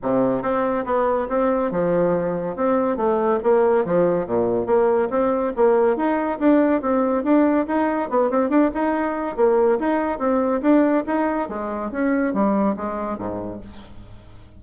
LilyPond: \new Staff \with { instrumentName = "bassoon" } { \time 4/4 \tempo 4 = 141 c4 c'4 b4 c'4 | f2 c'4 a4 | ais4 f4 ais,4 ais4 | c'4 ais4 dis'4 d'4 |
c'4 d'4 dis'4 b8 c'8 | d'8 dis'4. ais4 dis'4 | c'4 d'4 dis'4 gis4 | cis'4 g4 gis4 gis,4 | }